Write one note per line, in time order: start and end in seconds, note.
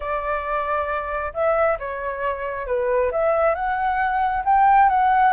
0.00 1.32 D5
1.33 1.78 E5
1.79 2.66 C#5
2.66 3.11 B4
3.11 3.54 E5
3.54 4.43 F#5
4.44 4.89 G5
4.89 5.33 F#5